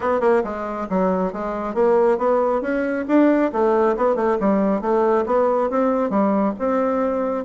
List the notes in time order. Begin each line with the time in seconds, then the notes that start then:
0.00 B3
0.20 A#3
0.43 G#3
0.89 F#3
1.32 G#3
1.74 A#3
2.17 B3
2.61 C#4
3.08 D4
3.52 A3
3.96 B3
4.15 A3
4.40 G3
4.81 A3
5.26 B3
5.70 C4
6.10 G3
6.58 C4